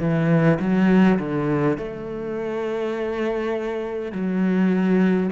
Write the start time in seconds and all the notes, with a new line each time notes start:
0.00 E3
0.60 F#3
1.19 D3
1.78 A3
4.13 F#3